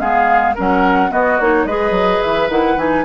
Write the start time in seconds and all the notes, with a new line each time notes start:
0.00 G#3 B3 G#4 F5
0.55 F#3 C#4 A#4 F#5
1.10 B3 F#4 D#5
1.40 A#3 D#4 C#5
1.66 G#3 G#4 B4 D#5
1.91 F#3
2.22 E3 E5
2.49 D#3 E4 F#5
2.77 E3 D#4 G#5